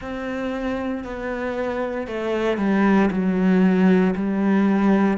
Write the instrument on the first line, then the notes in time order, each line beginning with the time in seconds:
cello
0.01 C4
1.03 B3
2.07 A3
2.57 G3
3.10 F#3
4.15 G3